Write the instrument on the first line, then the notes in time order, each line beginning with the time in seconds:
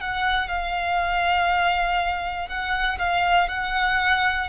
violin
0.00 F#5
0.48 F5
2.48 F#5
2.98 F5
3.49 F#5